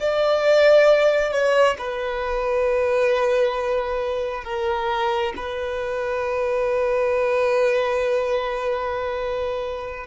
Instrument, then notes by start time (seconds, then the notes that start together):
violin
0.00 D5
1.32 C#5
1.78 B4
4.44 A#4
5.36 B4